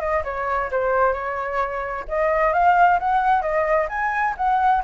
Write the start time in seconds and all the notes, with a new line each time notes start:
0.00 D#5
0.24 C#5
0.71 C5
1.13 C#5
2.08 D#5
2.53 F5
2.99 F#5
3.42 D#5
3.89 G#5
4.37 F#5